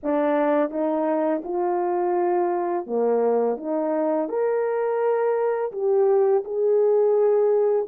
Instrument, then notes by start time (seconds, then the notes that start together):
horn
0.03 D4
0.70 D#4
1.44 F4
2.86 A#3
3.57 D#4
4.28 A#4
5.72 G4
6.44 G#4